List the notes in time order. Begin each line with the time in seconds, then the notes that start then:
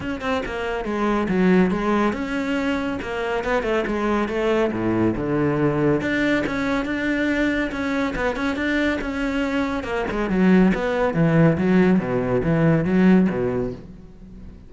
0.00 C#4
0.21 C4
0.45 A#3
0.84 G#3
1.28 F#3
1.70 G#3
2.13 C#4
3.01 A#3
3.44 B3
3.63 A3
3.86 G#3
4.28 A3
4.71 A2
5.16 D3
6.01 D4
6.46 C#4
6.85 D4
7.71 C#4
8.15 B3
8.36 C#4
8.56 D4
9.01 C#4
9.83 A#3
10.10 G#3
10.29 F#3
10.74 B3
11.14 E3
11.57 F#3
11.99 B2
12.43 E3
12.85 F#3
13.29 B2